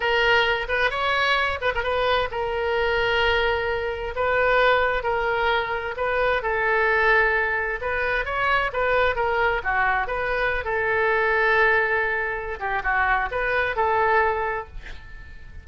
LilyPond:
\new Staff \with { instrumentName = "oboe" } { \time 4/4 \tempo 4 = 131 ais'4. b'8 cis''4. b'16 ais'16 | b'4 ais'2.~ | ais'4 b'2 ais'4~ | ais'4 b'4 a'2~ |
a'4 b'4 cis''4 b'4 | ais'4 fis'4 b'4~ b'16 a'8.~ | a'2.~ a'8 g'8 | fis'4 b'4 a'2 | }